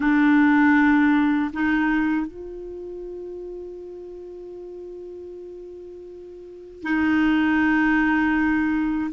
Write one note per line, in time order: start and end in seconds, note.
0.00 1.51 D4
1.53 2.26 D#4
2.26 6.82 F4
6.83 9.10 D#4